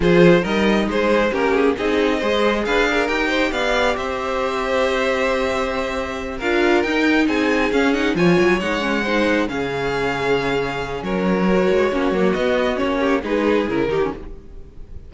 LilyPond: <<
  \new Staff \with { instrumentName = "violin" } { \time 4/4 \tempo 4 = 136 c''4 dis''4 c''4 ais'8 gis'8 | dis''2 f''4 g''4 | f''4 e''2.~ | e''2~ e''8 f''4 g''8~ |
g''8 gis''4 f''8 fis''8 gis''4 fis''8~ | fis''4. f''2~ f''8~ | f''4 cis''2. | dis''4 cis''4 b'4 ais'4 | }
  \new Staff \with { instrumentName = "violin" } { \time 4/4 gis'4 ais'4 gis'4 g'4 | gis'4 c''4 b'8 ais'4 c''8 | d''4 c''2.~ | c''2~ c''8 ais'4.~ |
ais'8 gis'2 cis''4.~ | cis''8 c''4 gis'2~ gis'8~ | gis'4 ais'2 fis'4~ | fis'4. g'8 gis'4. g'8 | }
  \new Staff \with { instrumentName = "viola" } { \time 4/4 f'4 dis'2 cis'4 | dis'4 gis'2 g'4~ | g'1~ | g'2~ g'8 f'4 dis'8~ |
dis'4. cis'8 dis'8 f'4 dis'8 | cis'8 dis'4 cis'2~ cis'8~ | cis'2 fis'4 cis'8 ais8 | b4 cis'4 dis'4 e'8 dis'16 cis'16 | }
  \new Staff \with { instrumentName = "cello" } { \time 4/4 f4 g4 gis4 ais4 | c'4 gis4 d'4 dis'4 | b4 c'2.~ | c'2~ c'8 d'4 dis'8~ |
dis'8 c'4 cis'4 f8 fis8 gis8~ | gis4. cis2~ cis8~ | cis4 fis4. gis8 ais8 fis8 | b4 ais4 gis4 cis8 dis8 | }
>>